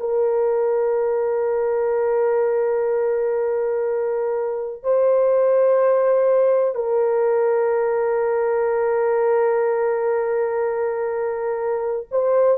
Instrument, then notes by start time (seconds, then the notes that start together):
horn
0.00 A#4
4.83 C5
6.75 A#4
12.11 C5